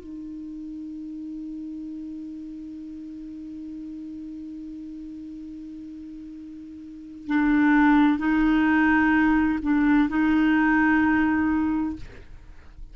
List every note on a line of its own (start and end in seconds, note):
0.00 7.27 D#4
7.27 8.18 D4
8.18 9.59 D#4
9.62 10.09 D4
10.09 11.96 D#4